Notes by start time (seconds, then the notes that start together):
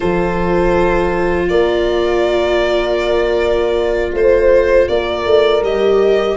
0.00 F3 F4 A4 C5
1.48 A#3 A#4 D5
4.12 A3 C5
4.88 A#3 A#4 D5
5.25 A3
5.61 G3 G4 D#5